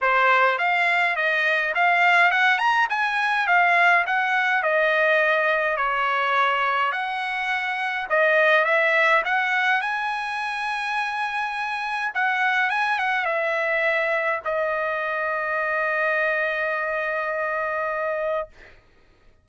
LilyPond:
\new Staff \with { instrumentName = "trumpet" } { \time 4/4 \tempo 4 = 104 c''4 f''4 dis''4 f''4 | fis''8 ais''8 gis''4 f''4 fis''4 | dis''2 cis''2 | fis''2 dis''4 e''4 |
fis''4 gis''2.~ | gis''4 fis''4 gis''8 fis''8 e''4~ | e''4 dis''2.~ | dis''1 | }